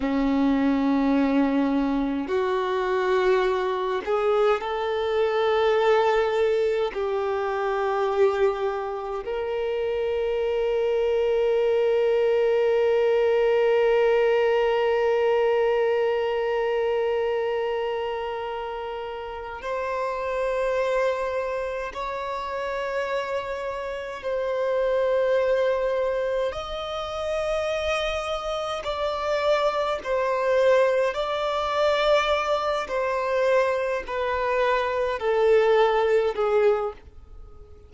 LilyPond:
\new Staff \with { instrumentName = "violin" } { \time 4/4 \tempo 4 = 52 cis'2 fis'4. gis'8 | a'2 g'2 | ais'1~ | ais'1~ |
ais'4 c''2 cis''4~ | cis''4 c''2 dis''4~ | dis''4 d''4 c''4 d''4~ | d''8 c''4 b'4 a'4 gis'8 | }